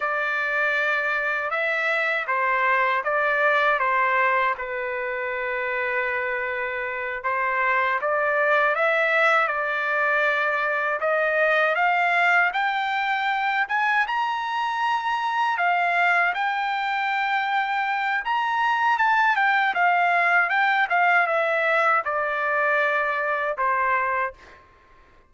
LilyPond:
\new Staff \with { instrumentName = "trumpet" } { \time 4/4 \tempo 4 = 79 d''2 e''4 c''4 | d''4 c''4 b'2~ | b'4. c''4 d''4 e''8~ | e''8 d''2 dis''4 f''8~ |
f''8 g''4. gis''8 ais''4.~ | ais''8 f''4 g''2~ g''8 | ais''4 a''8 g''8 f''4 g''8 f''8 | e''4 d''2 c''4 | }